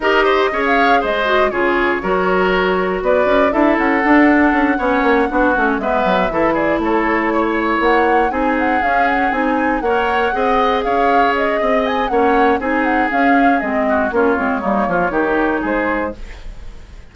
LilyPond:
<<
  \new Staff \with { instrumentName = "flute" } { \time 4/4 \tempo 4 = 119 dis''4~ dis''16 f''8. dis''4 cis''4~ | cis''2 d''4 e''8 fis''8~ | fis''2.~ fis''8 e''8~ | e''4 d''8 cis''2 fis''8~ |
fis''8 gis''8 fis''8 f''8 fis''8 gis''4 fis''8~ | fis''4. f''4 dis''4 gis''8 | fis''4 gis''8 fis''8 f''4 dis''4 | cis''2. c''4 | }
  \new Staff \with { instrumentName = "oboe" } { \time 4/4 ais'8 c''8 cis''4 c''4 gis'4 | ais'2 b'4 a'4~ | a'4. cis''4 fis'4 b'8~ | b'8 a'8 gis'8 a'4 cis''4.~ |
cis''8 gis'2. cis''8~ | cis''8 dis''4 cis''4. dis''4 | cis''4 gis'2~ gis'8 fis'8 | f'4 dis'8 f'8 g'4 gis'4 | }
  \new Staff \with { instrumentName = "clarinet" } { \time 4/4 g'4 gis'4. fis'8 f'4 | fis'2. e'4 | d'4. cis'4 d'8 cis'8 b8~ | b8 e'2.~ e'8~ |
e'8 dis'4 cis'4 dis'4 ais'8~ | ais'8 gis'2.~ gis'8 | cis'4 dis'4 cis'4 c'4 | cis'8 c'8 ais4 dis'2 | }
  \new Staff \with { instrumentName = "bassoon" } { \time 4/4 dis'4 cis'4 gis4 cis4 | fis2 b8 cis'8 d'8 cis'8 | d'4 cis'8 b8 ais8 b8 a8 gis8 | fis8 e4 a2 ais8~ |
ais8 c'4 cis'4 c'4 ais8~ | ais8 c'4 cis'4. c'4 | ais4 c'4 cis'4 gis4 | ais8 gis8 g8 f8 dis4 gis4 | }
>>